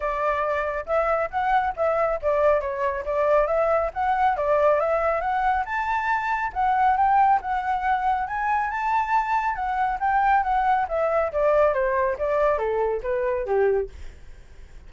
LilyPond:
\new Staff \with { instrumentName = "flute" } { \time 4/4 \tempo 4 = 138 d''2 e''4 fis''4 | e''4 d''4 cis''4 d''4 | e''4 fis''4 d''4 e''4 | fis''4 a''2 fis''4 |
g''4 fis''2 gis''4 | a''2 fis''4 g''4 | fis''4 e''4 d''4 c''4 | d''4 a'4 b'4 g'4 | }